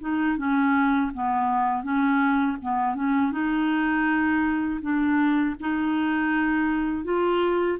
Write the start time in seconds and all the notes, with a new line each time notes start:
0.00 D#4
0.37 C#4
1.13 B3
1.83 C#4
2.62 B3
2.95 C#4
3.32 D#4
4.81 D4
5.60 D#4
7.04 F4